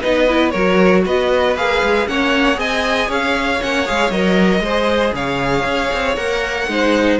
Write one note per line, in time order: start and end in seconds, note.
0.00 0.54 B3
0.00 0.27 D#4
0.00 0.51 B4
0.00 0.50 D#5
0.28 0.54 E4
0.50 1.05 F#3
0.50 1.57 F#4
0.50 1.02 A#4
0.50 1.01 C#5
1.05 1.56 B3
1.05 2.08 B4
1.05 1.56 D#5
1.56 1.82 A#3
1.56 2.07 G#4
1.56 2.07 F5
1.83 2.06 G#3
2.06 2.58 A#3
2.06 2.55 C#4
2.06 2.59 C#5
2.06 2.59 F#5
2.55 3.08 C4
2.55 3.57 G#4
2.55 3.07 D#5
2.55 3.10 G#5
3.07 3.60 C#4
3.07 4.61 C#5
3.07 3.63 F5
3.61 3.88 A#3
3.61 3.85 C#4
3.61 3.87 F#5
3.85 4.10 G#3
3.85 4.11 G#4
3.85 4.10 F5
4.10 4.60 F#3
4.10 4.63 A#4
4.10 5.13 D#5
4.60 5.11 G#3
4.60 5.14 C5
4.67 6.17 G#4
5.13 5.64 C#3
5.13 6.69 C#5
5.13 6.16 F5
5.65 5.90 C#4
5.93 6.16 C4
6.16 6.67 A#3
6.16 6.68 A#4
6.16 7.18 F#5
6.67 7.19 G#3
6.67 7.20 D#4
6.67 7.20 C5